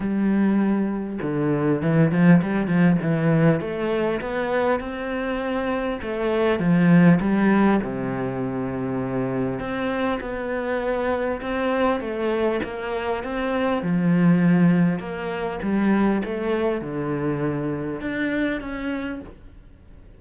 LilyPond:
\new Staff \with { instrumentName = "cello" } { \time 4/4 \tempo 4 = 100 g2 d4 e8 f8 | g8 f8 e4 a4 b4 | c'2 a4 f4 | g4 c2. |
c'4 b2 c'4 | a4 ais4 c'4 f4~ | f4 ais4 g4 a4 | d2 d'4 cis'4 | }